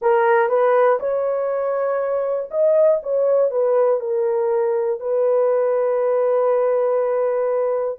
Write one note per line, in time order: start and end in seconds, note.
0.01 0.49 A#4
0.49 0.99 B4
1.00 2.50 C#5
2.50 3.00 D#5
3.03 3.50 C#5
3.50 4.00 B4
4.00 5.00 A#4
5.00 7.98 B4